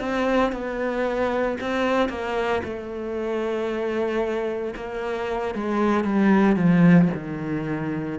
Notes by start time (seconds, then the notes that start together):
0.00 C4
0.52 B3
1.61 C4
2.09 A#3
2.64 A3
4.76 A#3
5.55 G#3
6.04 G3
6.56 F3
7.14 D#3